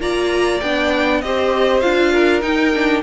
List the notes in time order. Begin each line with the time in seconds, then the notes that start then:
0.00 A#3 F4 D5 A#5
0.61 B3 D4 G5
1.21 C4 G4 C5 D#5
1.80 D4 F4 F5
2.13 A#4
2.41 D#4 G5
2.74 D4